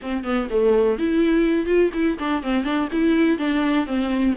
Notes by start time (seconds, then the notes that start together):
0.02 C4
0.24 B3
0.49 A3
0.98 E4
1.66 F4
1.93 E4
2.18 D4
2.42 C4
2.64 D4
2.92 E4
3.38 D4
3.86 C4